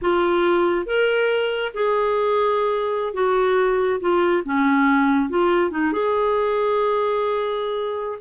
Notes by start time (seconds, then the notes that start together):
0.01 F4
0.86 A#4
1.74 G#4
3.13 F#4
4.00 F4
4.45 C#4
5.29 F4
5.70 D#4
5.92 G#4